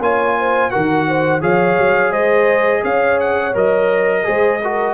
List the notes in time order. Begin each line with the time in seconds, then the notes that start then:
0.00 A#3 F4 C#5 G#5
0.39 C5
0.71 D#3 F#4 A#4 F#5
1.08 C5
1.41 F3 G#4 C#5 F5
1.78 F#3
2.11 G#3 C5 D#5
2.83 C#4 C#5 F5
3.20 F#5
3.54 F#3 A#4 D#5
4.24 G#3 G#4 C5
4.62 F#4 A#4